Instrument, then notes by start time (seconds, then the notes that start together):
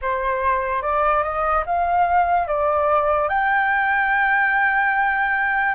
flute
0.01 C5
0.82 D5
1.23 D#5
1.66 F5
2.47 D5
3.29 G5